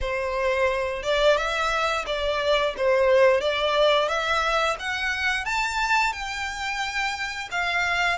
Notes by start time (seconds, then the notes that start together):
0.00 C5
1.03 D5
1.37 E5
2.06 D5
2.77 C5
3.40 D5
4.08 E5
4.79 F#5
5.45 A5
6.12 G5
7.51 F5